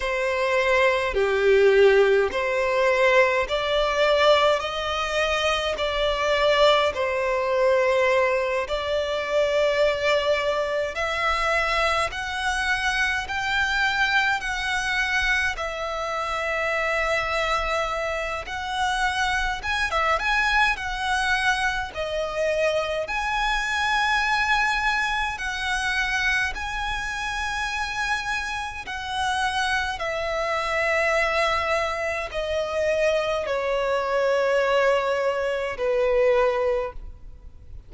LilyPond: \new Staff \with { instrumentName = "violin" } { \time 4/4 \tempo 4 = 52 c''4 g'4 c''4 d''4 | dis''4 d''4 c''4. d''8~ | d''4. e''4 fis''4 g''8~ | g''8 fis''4 e''2~ e''8 |
fis''4 gis''16 e''16 gis''8 fis''4 dis''4 | gis''2 fis''4 gis''4~ | gis''4 fis''4 e''2 | dis''4 cis''2 b'4 | }